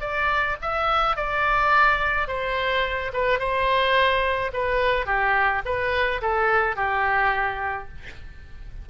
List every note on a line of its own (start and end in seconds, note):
0.00 0.56 D5
0.61 1.16 E5
1.16 2.27 D5
2.27 3.11 C5
3.13 3.39 B4
3.39 4.51 C5
4.53 5.06 B4
5.06 5.62 G4
5.65 6.21 B4
6.21 6.76 A4
6.76 7.88 G4